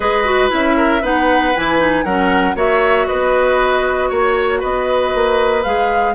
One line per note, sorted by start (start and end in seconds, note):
0.00 0.50 G#3
0.00 0.24 G#4
0.00 0.76 B4
0.00 0.49 D#5
0.24 0.49 F#4
0.49 1.02 C#4
0.49 1.00 E4
0.49 1.04 E5
0.76 1.01 A#4
1.01 1.53 B3
1.01 1.54 D#4
1.01 2.04 B4
1.01 1.56 F#5
1.55 2.04 E3
1.55 1.78 E4
1.55 2.04 G#5
1.78 2.03 D#4
2.04 2.54 F#3
2.04 2.54 C#4
2.04 2.55 A#4
2.04 2.55 F#5
2.54 3.06 A#3
2.54 5.62 F#4
2.54 3.07 C#5
2.54 3.07 E5
3.07 4.10 B3
3.07 4.09 B4
3.07 4.09 D#5
4.09 4.62 A#3
4.09 4.60 C#5
4.09 4.59 C#5
4.59 5.14 B3
4.59 6.13 B4
4.59 5.63 D#5
5.14 5.65 A#3
5.63 6.15 G#3
5.63 6.15 G#4
5.63 6.14 F5